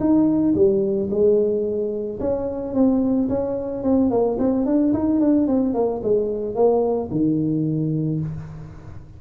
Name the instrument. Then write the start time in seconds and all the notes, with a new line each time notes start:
tuba
0.00 D#4
0.55 G3
1.10 G#3
2.20 C#4
2.74 C4
3.29 C#4
3.84 C4
4.11 A#3
4.39 C4
4.66 D4
4.93 D#4
5.20 D4
5.47 C4
5.74 A#3
6.03 G#3
6.55 A#3
7.11 D#3